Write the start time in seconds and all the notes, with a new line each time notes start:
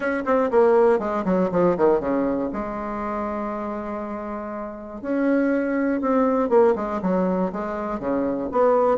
0.00 C#4
0.25 C4
0.50 A#3
0.99 G#3
1.25 F#3
1.51 F3
1.77 D#3
2.00 C#3
2.52 G#3
5.01 C#4
6.01 C4
6.49 A#3
6.75 G#3
7.02 F#3
7.52 G#3
7.99 C#3
8.51 B3